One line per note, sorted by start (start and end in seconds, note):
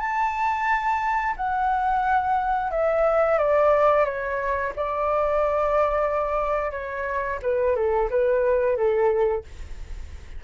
0.00 1.35 A5
1.37 2.71 F#5
2.71 3.39 E5
3.39 4.05 D5
4.05 4.73 C#5
4.76 6.72 D5
6.72 7.39 C#5
7.43 7.76 B4
7.76 8.10 A4
8.11 8.77 B4
8.77 9.44 A4